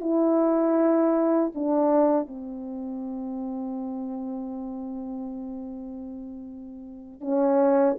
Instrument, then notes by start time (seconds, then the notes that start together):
horn
0.00 E4
1.54 D4
2.27 C4
7.20 C#4